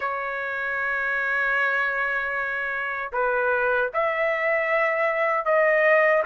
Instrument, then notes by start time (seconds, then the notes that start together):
trumpet
0.00 C#5
3.12 B4
3.93 E5
5.45 D#5